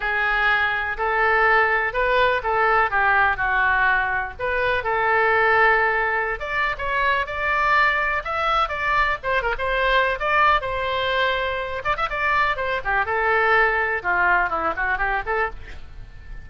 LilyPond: \new Staff \with { instrumentName = "oboe" } { \time 4/4 \tempo 4 = 124 gis'2 a'2 | b'4 a'4 g'4 fis'4~ | fis'4 b'4 a'2~ | a'4~ a'16 d''8. cis''4 d''4~ |
d''4 e''4 d''4 c''8 ais'16 c''16~ | c''4 d''4 c''2~ | c''8 d''16 e''16 d''4 c''8 g'8 a'4~ | a'4 f'4 e'8 fis'8 g'8 a'8 | }